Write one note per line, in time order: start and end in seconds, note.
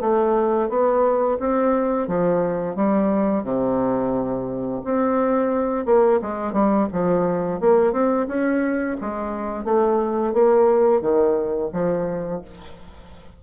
0.00 0.69 A3
0.69 1.38 B3
1.39 2.07 C4
2.07 2.76 F3
2.76 3.43 G3
3.43 4.81 C3
4.84 5.85 C4
5.85 6.20 A#3
6.21 6.53 G#3
6.53 6.87 G3
6.92 7.60 F3
7.60 7.92 A#3
7.92 8.27 C4
8.28 8.97 C#4
9.00 9.64 G#3
9.64 10.33 A3
10.33 11.01 A#3
11.01 11.70 D#3
11.72 12.41 F3